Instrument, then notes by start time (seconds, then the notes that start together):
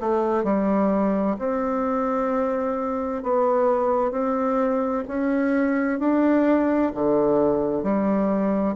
bassoon
0.00 A3
0.44 G3
1.38 C4
3.23 B3
4.11 C4
5.07 C#4
5.99 D4
6.94 D3
7.83 G3